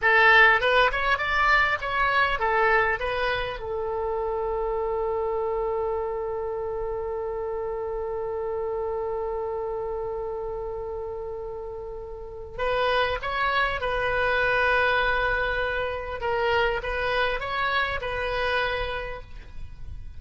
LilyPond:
\new Staff \with { instrumentName = "oboe" } { \time 4/4 \tempo 4 = 100 a'4 b'8 cis''8 d''4 cis''4 | a'4 b'4 a'2~ | a'1~ | a'1~ |
a'1~ | a'4 b'4 cis''4 b'4~ | b'2. ais'4 | b'4 cis''4 b'2 | }